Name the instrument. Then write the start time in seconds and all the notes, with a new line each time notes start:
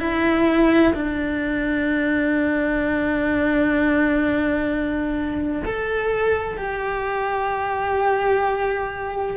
cello
0.00 E4
0.94 D4
5.65 A4
6.58 G4